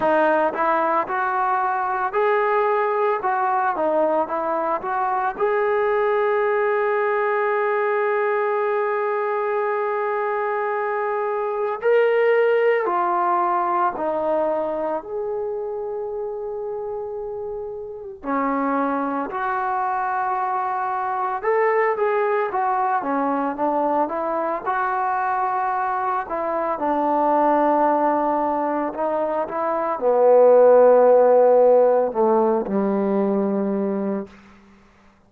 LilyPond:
\new Staff \with { instrumentName = "trombone" } { \time 4/4 \tempo 4 = 56 dis'8 e'8 fis'4 gis'4 fis'8 dis'8 | e'8 fis'8 gis'2.~ | gis'2. ais'4 | f'4 dis'4 gis'2~ |
gis'4 cis'4 fis'2 | a'8 gis'8 fis'8 cis'8 d'8 e'8 fis'4~ | fis'8 e'8 d'2 dis'8 e'8 | b2 a8 g4. | }